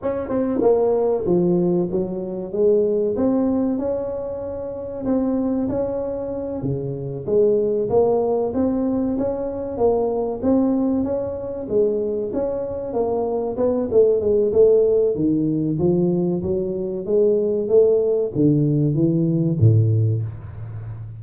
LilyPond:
\new Staff \with { instrumentName = "tuba" } { \time 4/4 \tempo 4 = 95 cis'8 c'8 ais4 f4 fis4 | gis4 c'4 cis'2 | c'4 cis'4. cis4 gis8~ | gis8 ais4 c'4 cis'4 ais8~ |
ais8 c'4 cis'4 gis4 cis'8~ | cis'8 ais4 b8 a8 gis8 a4 | dis4 f4 fis4 gis4 | a4 d4 e4 a,4 | }